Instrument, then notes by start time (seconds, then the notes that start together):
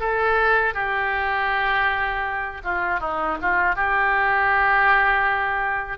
oboe
0.00 A4
0.74 G4
2.64 F4
3.00 D#4
3.42 F4
3.76 G4